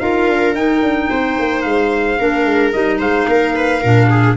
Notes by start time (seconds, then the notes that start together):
0.00 D#4 F4 A#4 F5
0.28 D4
0.55 D#4 G5
0.82 D4
1.10 C4 C5
1.39 A#3
1.62 G#3 F5
2.19 A#3 D4 A#4
2.45 G#3
2.73 G3 D#4 D#5
2.99 G#3 C5 F5
3.29 A#3 A#4
3.56 B4
3.81 A#2 D4 A#4
4.10 G#4